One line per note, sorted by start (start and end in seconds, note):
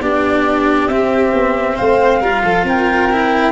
0.00 0.88 B3
0.00 0.91 D4
0.00 1.75 G4
0.00 0.88 D5
0.88 1.32 C4
0.88 2.23 C4
0.88 1.76 E5
1.33 1.77 B3
1.75 2.21 A3
1.75 2.19 C5
1.75 2.65 F5
2.20 2.42 G3
2.20 3.12 F4
2.20 2.42 A#4
2.42 2.63 F3
2.42 2.66 A4
2.63 3.52 C4
2.63 3.52 A#4
2.63 3.52 G5
3.12 3.52 E4